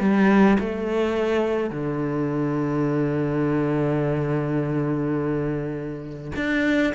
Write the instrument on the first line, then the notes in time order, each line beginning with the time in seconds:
cello
0.00 G3
0.59 A3
1.70 D3
6.36 D4